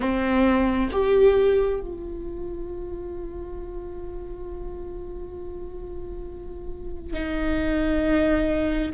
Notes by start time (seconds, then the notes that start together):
0.00 C4
0.91 G4
1.80 F4
7.13 D#4